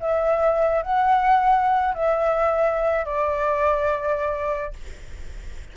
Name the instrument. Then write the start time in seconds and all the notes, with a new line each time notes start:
flute
0.00 E5
0.82 F#5
1.94 E5
3.05 D5